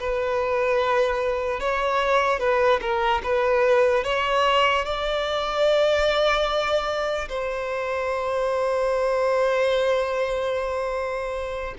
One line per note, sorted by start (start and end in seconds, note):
0.00 1.61 B4
1.61 2.40 C#5
2.40 2.80 B4
2.82 3.22 A#4
3.24 4.04 B4
4.04 4.85 C#5
4.85 7.29 D5
7.29 11.75 C5